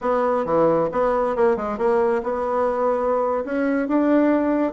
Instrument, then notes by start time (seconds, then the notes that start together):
bassoon
0.01 B3
0.45 E3
0.92 B3
1.36 A#3
1.56 G#3
1.78 A#3
2.23 B3
3.45 C#4
3.87 D4